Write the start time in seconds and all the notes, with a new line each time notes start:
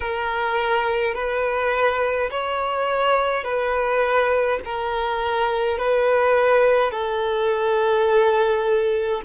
0.00 A#4
1.14 B4
2.30 C#5
3.44 B4
4.65 A#4
5.77 B4
6.91 A4